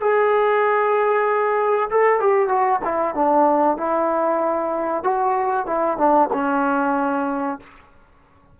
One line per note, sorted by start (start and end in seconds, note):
0.00 1.89 G#4
1.90 2.20 A4
2.20 2.48 G4
2.48 2.80 F#4
2.84 3.15 E4
3.15 3.77 D4
3.77 5.03 E4
5.04 5.66 F#4
5.66 5.98 E4
5.98 6.29 D4
6.33 7.59 C#4